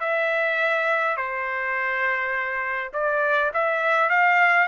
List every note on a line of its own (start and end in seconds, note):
0.00 1.17 E5
1.17 2.92 C5
2.93 3.51 D5
3.53 4.10 E5
4.10 4.67 F5